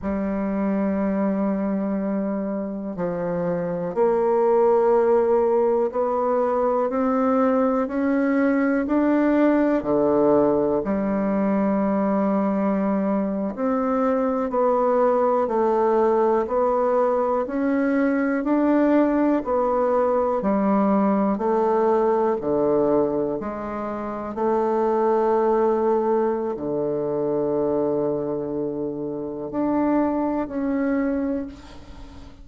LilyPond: \new Staff \with { instrumentName = "bassoon" } { \time 4/4 \tempo 4 = 61 g2. f4 | ais2 b4 c'4 | cis'4 d'4 d4 g4~ | g4.~ g16 c'4 b4 a16~ |
a8. b4 cis'4 d'4 b16~ | b8. g4 a4 d4 gis16~ | gis8. a2~ a16 d4~ | d2 d'4 cis'4 | }